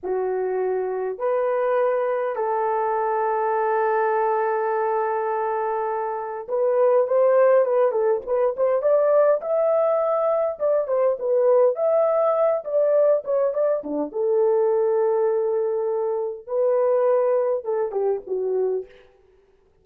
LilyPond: \new Staff \with { instrumentName = "horn" } { \time 4/4 \tempo 4 = 102 fis'2 b'2 | a'1~ | a'2. b'4 | c''4 b'8 a'8 b'8 c''8 d''4 |
e''2 d''8 c''8 b'4 | e''4. d''4 cis''8 d''8 d'8 | a'1 | b'2 a'8 g'8 fis'4 | }